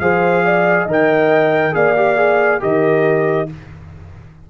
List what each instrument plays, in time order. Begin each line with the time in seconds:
0.00 tuba F3, trombone G#4, horn C5, trumpet F5
0.45 horn D5
0.83 tuba D#3, trombone A#4, horn D#5
0.92 trumpet G5
1.72 tuba A#3, trombone G#4, horn D5, trumpet F5
1.96 trombone G4
2.17 trombone G#4
2.60 tuba D#3, trombone G4, horn A#4, trumpet D#5